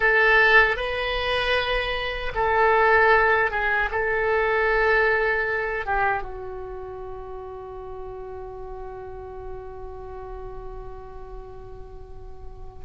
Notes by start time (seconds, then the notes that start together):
0.00 A4
0.76 B4
2.34 A4
3.50 G#4
3.91 A4
5.85 G4
6.22 F#4